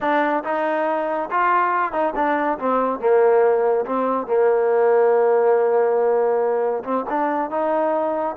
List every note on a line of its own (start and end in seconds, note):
0.00 0.43 D4
0.43 1.29 D#4
1.30 1.92 F4
1.92 2.13 D#4
2.15 2.58 D4
2.58 2.99 C4
2.99 3.85 A#3
3.85 4.26 C4
4.26 6.83 A#3
6.84 7.05 C4
7.09 7.50 D4
7.50 8.36 D#4